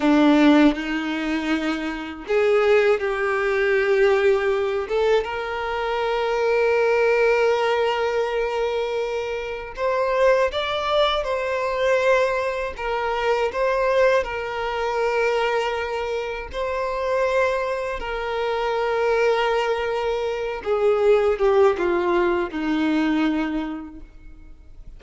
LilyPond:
\new Staff \with { instrumentName = "violin" } { \time 4/4 \tempo 4 = 80 d'4 dis'2 gis'4 | g'2~ g'8 a'8 ais'4~ | ais'1~ | ais'4 c''4 d''4 c''4~ |
c''4 ais'4 c''4 ais'4~ | ais'2 c''2 | ais'2.~ ais'8 gis'8~ | gis'8 g'8 f'4 dis'2 | }